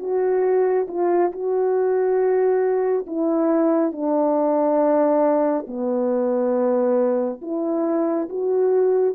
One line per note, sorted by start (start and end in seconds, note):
0.00 0.87 F#4
0.89 1.32 F4
1.32 3.06 F#4
3.07 3.92 E4
3.92 5.66 D4
5.68 7.42 B3
7.42 8.29 E4
8.29 9.15 F#4